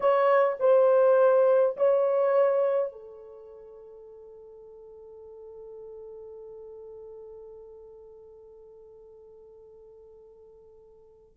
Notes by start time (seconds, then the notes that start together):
0.00 C#5
0.59 C5
1.76 C#5
2.92 A4